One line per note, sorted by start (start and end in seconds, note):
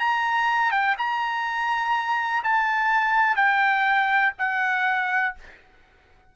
0.00 0.72 A#5
0.72 0.96 G5
0.99 2.44 A#5
2.44 3.37 A5
3.37 4.33 G5
4.39 5.35 F#5